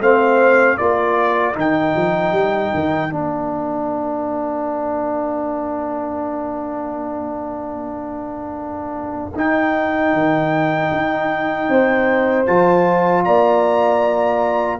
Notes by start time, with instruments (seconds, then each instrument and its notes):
0.00 tuba A3, trombone C4, horn C5, trumpet F5
0.77 tuba A#3, trombone F4, horn A#4, trumpet D5
1.54 tuba D#3, trombone D#4, trumpet G5
1.96 tuba F3
2.32 tuba G3
2.74 tuba D#3
3.10 tuba A#3, trombone D4, trumpet F5
9.35 trombone D#4, tuba D#4, trumpet G5
10.13 tuba D#3
10.92 tuba D#4
11.69 tuba C4, horn C5
12.46 tuba F3, trombone F4, trumpet A5
13.24 tuba A#3, horn D5, trumpet A#5